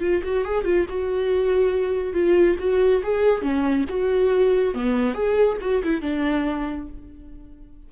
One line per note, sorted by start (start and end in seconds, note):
0.00 0.22 F4
0.23 0.45 F#4
0.45 0.64 G#4
0.64 0.86 F4
0.89 2.13 F#4
2.13 2.57 F4
2.59 3.02 F#4
3.03 3.42 G#4
3.42 3.85 C#4
3.89 4.74 F#4
4.74 5.14 B3
5.14 5.57 G#4
5.61 5.83 F#4
5.83 6.01 E4
6.01 6.88 D4